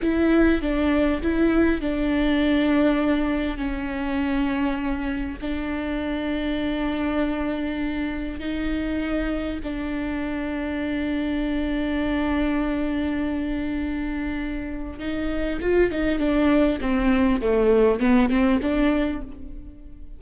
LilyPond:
\new Staff \with { instrumentName = "viola" } { \time 4/4 \tempo 4 = 100 e'4 d'4 e'4 d'4~ | d'2 cis'2~ | cis'4 d'2.~ | d'2 dis'2 |
d'1~ | d'1~ | d'4 dis'4 f'8 dis'8 d'4 | c'4 a4 b8 c'8 d'4 | }